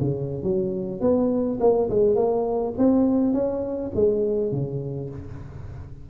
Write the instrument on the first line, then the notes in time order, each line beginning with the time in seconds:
tuba
0.00 C#3
0.43 F#3
1.00 B3
1.60 A#3
1.90 G#3
2.15 A#3
2.77 C4
3.33 C#4
3.95 G#3
4.51 C#3